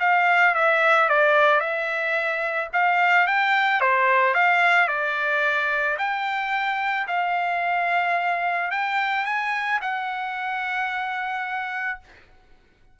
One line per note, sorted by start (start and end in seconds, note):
0.00 0.55 F5
0.55 1.09 E5
1.09 1.60 D5
1.60 2.69 E5
2.73 3.27 F5
3.27 3.81 G5
3.81 4.34 C5
4.34 4.88 F5
4.88 5.97 D5
5.98 7.07 G5
7.07 8.71 F5
8.71 9.25 G5
9.25 9.80 G#5
9.81 12.00 F#5